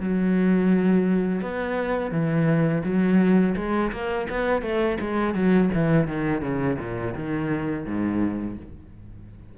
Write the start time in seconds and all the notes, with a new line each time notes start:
0.00 F#3
1.42 B3
2.11 E3
2.84 F#3
3.56 G#3
3.92 A#3
4.30 B3
4.62 A3
5.00 G#3
5.34 F#3
5.74 E3
6.07 D#3
6.42 C#3
6.79 A#2
7.14 D#3
7.85 G#2